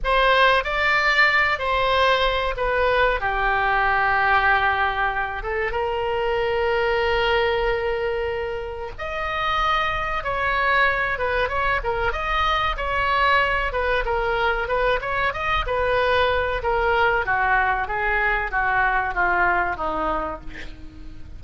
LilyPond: \new Staff \with { instrumentName = "oboe" } { \time 4/4 \tempo 4 = 94 c''4 d''4. c''4. | b'4 g'2.~ | g'8 a'8 ais'2.~ | ais'2 dis''2 |
cis''4. b'8 cis''8 ais'8 dis''4 | cis''4. b'8 ais'4 b'8 cis''8 | dis''8 b'4. ais'4 fis'4 | gis'4 fis'4 f'4 dis'4 | }